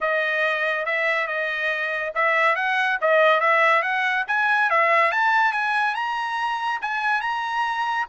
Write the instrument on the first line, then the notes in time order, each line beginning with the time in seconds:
trumpet
0.00 D#5
0.85 E5
1.27 D#5
2.15 E5
2.55 F#5
3.01 D#5
3.40 E5
3.82 F#5
4.27 G#5
4.69 E5
5.11 A5
5.52 G#5
5.94 A#5
6.81 G#5
7.21 A#5